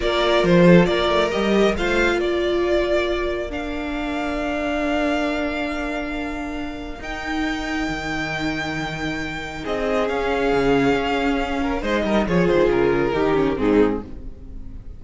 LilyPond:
<<
  \new Staff \with { instrumentName = "violin" } { \time 4/4 \tempo 4 = 137 d''4 c''4 d''4 dis''4 | f''4 d''2. | f''1~ | f''1 |
g''1~ | g''2 dis''4 f''4~ | f''2. dis''4 | cis''8 c''8 ais'2 gis'4 | }
  \new Staff \with { instrumentName = "violin" } { \time 4/4 ais'4. a'8 ais'2 | c''4 ais'2.~ | ais'1~ | ais'1~ |
ais'1~ | ais'2 gis'2~ | gis'2~ gis'8 ais'8 c''8 ais'8 | gis'2 g'4 dis'4 | }
  \new Staff \with { instrumentName = "viola" } { \time 4/4 f'2. g'4 | f'1 | d'1~ | d'1 |
dis'1~ | dis'2. cis'4~ | cis'2. dis'4 | f'2 dis'8 cis'8 c'4 | }
  \new Staff \with { instrumentName = "cello" } { \time 4/4 ais4 f4 ais8 a8 g4 | a4 ais2.~ | ais1~ | ais1 |
dis'2 dis2~ | dis2 c'4 cis'4 | cis4 cis'2 gis8 g8 | f8 dis8 cis4 dis4 gis,4 | }
>>